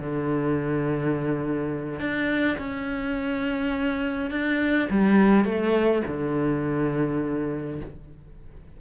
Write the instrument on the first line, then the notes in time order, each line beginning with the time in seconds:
cello
0.00 D3
2.00 D4
2.58 C#4
4.31 D4
4.90 G3
5.45 A3
6.08 D3